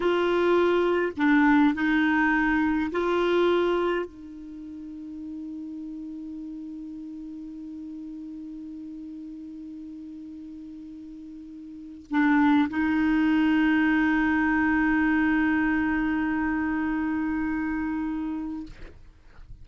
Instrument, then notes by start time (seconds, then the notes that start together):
clarinet
0.00 F4
1.17 D4
1.74 D#4
2.91 F4
4.05 D#4
12.10 D4
12.69 D#4